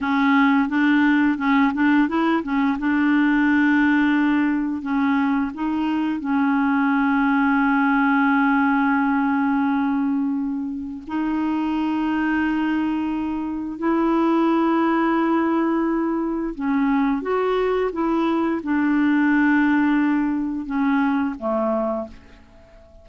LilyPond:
\new Staff \with { instrumentName = "clarinet" } { \time 4/4 \tempo 4 = 87 cis'4 d'4 cis'8 d'8 e'8 cis'8 | d'2. cis'4 | dis'4 cis'2.~ | cis'1 |
dis'1 | e'1 | cis'4 fis'4 e'4 d'4~ | d'2 cis'4 a4 | }